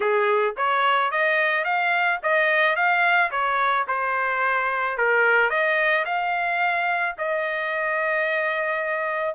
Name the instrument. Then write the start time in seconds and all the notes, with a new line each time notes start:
trumpet
0.00 G#4
0.56 C#5
1.11 D#5
1.64 F5
2.22 D#5
2.75 F5
3.31 C#5
3.87 C5
4.97 A#4
5.49 D#5
6.05 F5
7.18 D#5